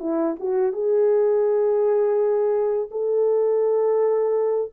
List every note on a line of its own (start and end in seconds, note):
0.00 0.36 E4
0.40 0.73 F#4
0.73 2.90 G#4
2.91 4.72 A4